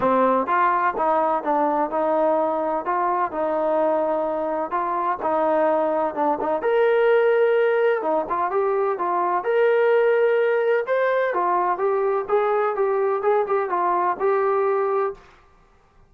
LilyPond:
\new Staff \with { instrumentName = "trombone" } { \time 4/4 \tempo 4 = 127 c'4 f'4 dis'4 d'4 | dis'2 f'4 dis'4~ | dis'2 f'4 dis'4~ | dis'4 d'8 dis'8 ais'2~ |
ais'4 dis'8 f'8 g'4 f'4 | ais'2. c''4 | f'4 g'4 gis'4 g'4 | gis'8 g'8 f'4 g'2 | }